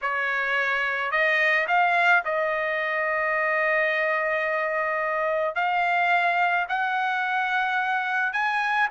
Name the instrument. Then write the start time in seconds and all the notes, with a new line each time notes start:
trumpet
0.01 C#5
1.11 D#5
1.67 F5
2.24 D#5
5.55 F5
6.68 F#5
8.33 G#5